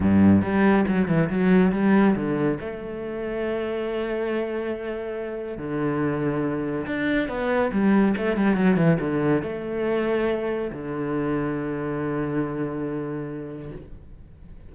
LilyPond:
\new Staff \with { instrumentName = "cello" } { \time 4/4 \tempo 4 = 140 g,4 g4 fis8 e8 fis4 | g4 d4 a2~ | a1~ | a4 d2. |
d'4 b4 g4 a8 g8 | fis8 e8 d4 a2~ | a4 d2.~ | d1 | }